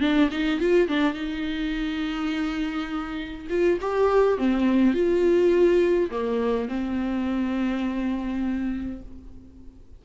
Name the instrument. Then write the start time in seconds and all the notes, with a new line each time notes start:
viola
0.00 D4
0.31 D#4
0.60 F4
0.88 D4
1.14 D#4
3.50 F4
3.81 G4
4.38 C4
4.94 F4
6.11 A#3
6.69 C4